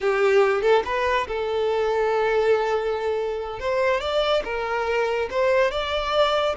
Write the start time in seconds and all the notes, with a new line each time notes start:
0.00 G4
0.61 A4
0.85 B4
1.27 A4
3.59 C5
4.00 D5
4.44 A#4
5.30 C5
5.71 D5